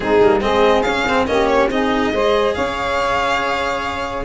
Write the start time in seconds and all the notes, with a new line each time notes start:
0.00 G#3 C4 D#4 G#4
0.21 G3 A#3
0.40 G#3 C4 G#4 D#5
0.82 C#4 F5
1.06 C4
1.26 A#3 C#4 G4 D#5
1.47 C#5
1.69 C4 D#4 G#4 D#5
2.11 G#3 G#4 C5
2.54 C#4 C#5 F5